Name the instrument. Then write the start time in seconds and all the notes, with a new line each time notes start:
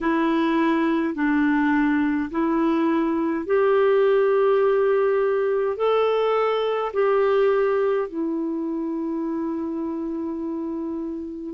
clarinet
0.01 E4
1.14 D4
2.31 E4
3.46 G4
5.76 A4
6.93 G4
8.08 E4